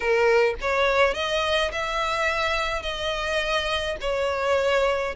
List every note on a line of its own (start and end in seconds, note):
0.00 0.54 A#4
0.61 1.14 C#5
1.14 1.71 D#5
1.71 2.82 E5
2.82 3.96 D#5
4.00 5.15 C#5